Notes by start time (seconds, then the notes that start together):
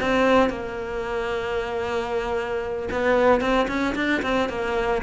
0.00 C4
0.49 A#3
2.91 B3
3.41 C4
3.68 C#4
3.95 D4
4.22 C4
4.49 A#3